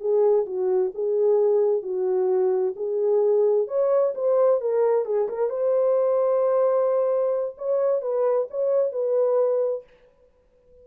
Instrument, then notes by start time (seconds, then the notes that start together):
horn
0.00 G#4
0.46 F#4
0.95 G#4
1.82 F#4
2.76 G#4
3.68 C#5
4.15 C5
4.61 A#4
5.05 G#4
5.28 A#4
5.49 C5
7.58 C#5
8.02 B4
8.50 C#5
8.92 B4